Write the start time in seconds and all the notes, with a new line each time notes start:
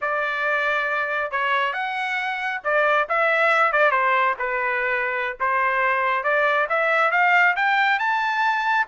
0.01 D5
1.31 C#5
1.73 F#5
2.64 D5
3.08 E5
3.72 D5
3.91 C5
4.38 B4
5.39 C5
6.23 D5
6.69 E5
7.11 F5
7.56 G5
7.99 A5